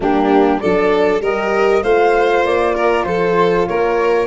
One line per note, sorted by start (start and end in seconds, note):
0.00 0.61 G3
0.00 0.60 A#3
0.00 0.61 D4
0.00 0.60 G4
0.60 1.21 F#3
0.60 1.21 D4
0.60 1.21 A4
0.60 1.21 D5
1.21 1.82 G3
1.21 1.84 G4
1.21 1.82 A#4
1.21 1.83 D#5
1.82 2.43 A3
1.82 4.27 F4
1.82 2.74 C5
1.82 2.44 F5
2.43 3.04 A#3
2.43 3.04 D5
2.74 3.05 A#4
3.04 3.66 F3
3.04 3.68 A4
3.04 3.66 C5
3.66 4.27 A#3
3.66 4.27 A#4
3.66 4.27 C#5